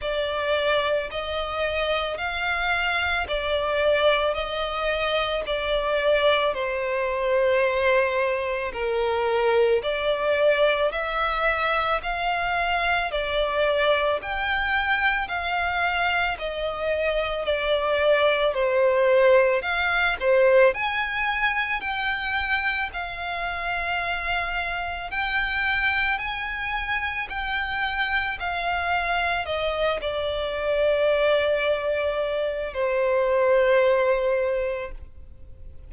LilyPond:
\new Staff \with { instrumentName = "violin" } { \time 4/4 \tempo 4 = 55 d''4 dis''4 f''4 d''4 | dis''4 d''4 c''2 | ais'4 d''4 e''4 f''4 | d''4 g''4 f''4 dis''4 |
d''4 c''4 f''8 c''8 gis''4 | g''4 f''2 g''4 | gis''4 g''4 f''4 dis''8 d''8~ | d''2 c''2 | }